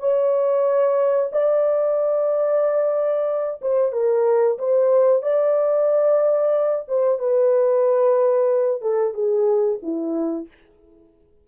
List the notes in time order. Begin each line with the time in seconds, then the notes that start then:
0.00 C#5
1.32 D5
3.62 C5
3.92 A#4
4.59 C5
5.23 D5
6.88 C5
7.19 B4
8.82 A4
9.14 G#4
9.83 E4